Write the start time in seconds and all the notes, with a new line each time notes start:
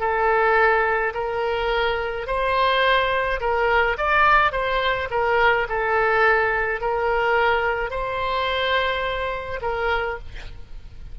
0.00 A4
1.14 A#4
2.26 C5
3.40 A#4
3.97 D5
4.52 C5
5.10 A#4
5.69 A4
6.81 A#4
7.90 C5
9.62 A#4